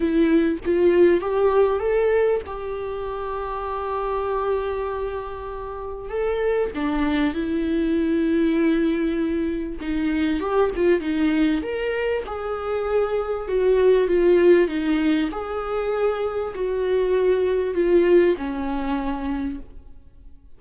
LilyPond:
\new Staff \with { instrumentName = "viola" } { \time 4/4 \tempo 4 = 98 e'4 f'4 g'4 a'4 | g'1~ | g'2 a'4 d'4 | e'1 |
dis'4 g'8 f'8 dis'4 ais'4 | gis'2 fis'4 f'4 | dis'4 gis'2 fis'4~ | fis'4 f'4 cis'2 | }